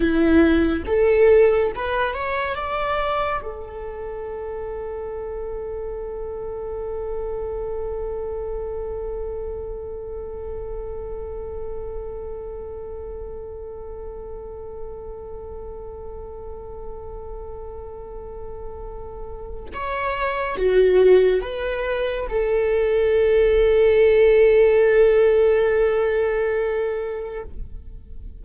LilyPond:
\new Staff \with { instrumentName = "viola" } { \time 4/4 \tempo 4 = 70 e'4 a'4 b'8 cis''8 d''4 | a'1~ | a'1~ | a'1~ |
a'1~ | a'2. cis''4 | fis'4 b'4 a'2~ | a'1 | }